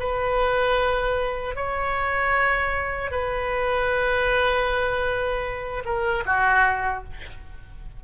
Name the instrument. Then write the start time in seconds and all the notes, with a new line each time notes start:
oboe
0.00 B4
1.56 C#5
3.11 B4
5.85 A#4
6.26 F#4